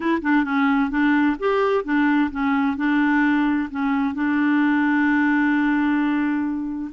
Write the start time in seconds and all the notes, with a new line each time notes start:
0.00 E4
0.22 D4
0.44 C#4
0.90 D4
1.39 G4
1.84 D4
2.31 C#4
2.77 D4
3.70 C#4
4.14 D4